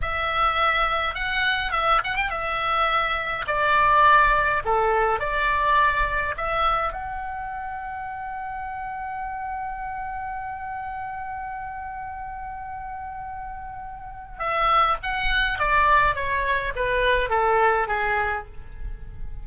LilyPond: \new Staff \with { instrumentName = "oboe" } { \time 4/4 \tempo 4 = 104 e''2 fis''4 e''8 fis''16 g''16 | e''2 d''2 | a'4 d''2 e''4 | fis''1~ |
fis''1~ | fis''1~ | fis''4 e''4 fis''4 d''4 | cis''4 b'4 a'4 gis'4 | }